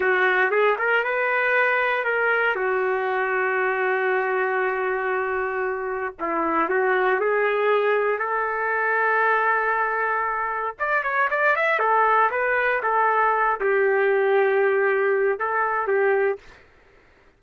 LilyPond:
\new Staff \with { instrumentName = "trumpet" } { \time 4/4 \tempo 4 = 117 fis'4 gis'8 ais'8 b'2 | ais'4 fis'2.~ | fis'1 | e'4 fis'4 gis'2 |
a'1~ | a'4 d''8 cis''8 d''8 e''8 a'4 | b'4 a'4. g'4.~ | g'2 a'4 g'4 | }